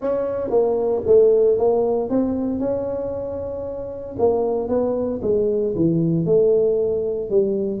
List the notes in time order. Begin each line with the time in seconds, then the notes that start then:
0.01 C#4
0.50 A#3
1.06 A3
1.57 A#3
2.09 C4
2.59 C#4
4.19 A#3
4.68 B3
5.22 G#3
5.75 E3
6.25 A3
7.29 G3